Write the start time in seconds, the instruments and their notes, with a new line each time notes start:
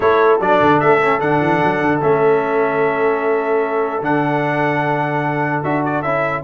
0.00 tuba A3, trombone E4, horn A4, trumpet C#5
0.39 tuba F#3, trombone D4, trumpet D5
0.61 tuba D3
0.80 tuba A3, trumpet E5
1.02 trombone C#4
1.20 tuba D3, trombone D4, trumpet F#5
1.40 tuba E3
1.64 tuba F#3
1.81 tuba D3
2.00 tuba A3, trombone C#4, trumpet E5
4.01 tuba D3, trombone D4, trumpet F#5
5.63 tuba D4, trombone F#4, trumpet E5
5.85 trumpet D5
6.01 tuba C#4, trombone E4, trumpet E5